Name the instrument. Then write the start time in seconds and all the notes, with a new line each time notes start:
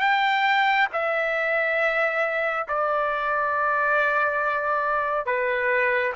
trumpet
0.00 G5
0.92 E5
2.68 D5
5.26 B4